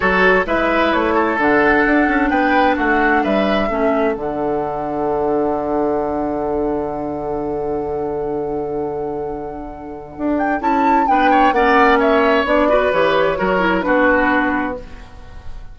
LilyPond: <<
  \new Staff \with { instrumentName = "flute" } { \time 4/4 \tempo 4 = 130 cis''4 e''4 cis''4 fis''4~ | fis''4 g''4 fis''4 e''4~ | e''4 fis''2.~ | fis''1~ |
fis''1~ | fis''2~ fis''8 g''8 a''4 | g''4 fis''4 e''4 d''4 | cis''2 b'2 | }
  \new Staff \with { instrumentName = "oboe" } { \time 4/4 a'4 b'4. a'4.~ | a'4 b'4 fis'4 b'4 | a'1~ | a'1~ |
a'1~ | a'1 | b'8 cis''8 d''4 cis''4. b'8~ | b'4 ais'4 fis'2 | }
  \new Staff \with { instrumentName = "clarinet" } { \time 4/4 fis'4 e'2 d'4~ | d'1 | cis'4 d'2.~ | d'1~ |
d'1~ | d'2. e'4 | d'4 cis'2 d'8 fis'8 | g'4 fis'8 e'8 d'2 | }
  \new Staff \with { instrumentName = "bassoon" } { \time 4/4 fis4 gis4 a4 d4 | d'8 cis'8 b4 a4 g4 | a4 d2.~ | d1~ |
d1~ | d2 d'4 cis'4 | b4 ais2 b4 | e4 fis4 b2 | }
>>